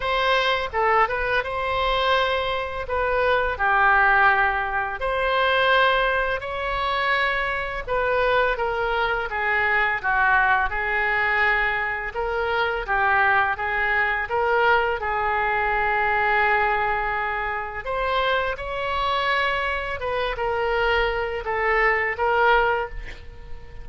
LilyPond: \new Staff \with { instrumentName = "oboe" } { \time 4/4 \tempo 4 = 84 c''4 a'8 b'8 c''2 | b'4 g'2 c''4~ | c''4 cis''2 b'4 | ais'4 gis'4 fis'4 gis'4~ |
gis'4 ais'4 g'4 gis'4 | ais'4 gis'2.~ | gis'4 c''4 cis''2 | b'8 ais'4. a'4 ais'4 | }